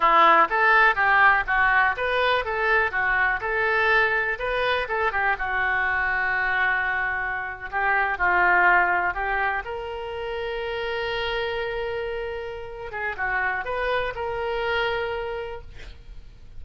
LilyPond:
\new Staff \with { instrumentName = "oboe" } { \time 4/4 \tempo 4 = 123 e'4 a'4 g'4 fis'4 | b'4 a'4 fis'4 a'4~ | a'4 b'4 a'8 g'8 fis'4~ | fis'2.~ fis'8. g'16~ |
g'8. f'2 g'4 ais'16~ | ais'1~ | ais'2~ ais'8 gis'8 fis'4 | b'4 ais'2. | }